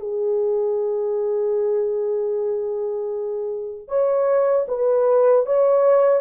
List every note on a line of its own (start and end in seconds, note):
0.00 3.88 G#4
3.88 4.66 C#5
4.68 5.45 B4
5.46 6.20 C#5